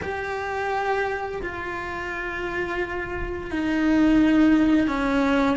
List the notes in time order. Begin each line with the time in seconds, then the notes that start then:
0.02 G4
1.42 F4
3.50 D#4
4.87 C#4